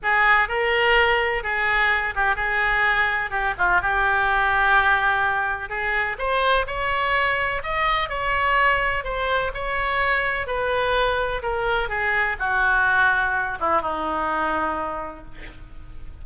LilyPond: \new Staff \with { instrumentName = "oboe" } { \time 4/4 \tempo 4 = 126 gis'4 ais'2 gis'4~ | gis'8 g'8 gis'2 g'8 f'8 | g'1 | gis'4 c''4 cis''2 |
dis''4 cis''2 c''4 | cis''2 b'2 | ais'4 gis'4 fis'2~ | fis'8 e'8 dis'2. | }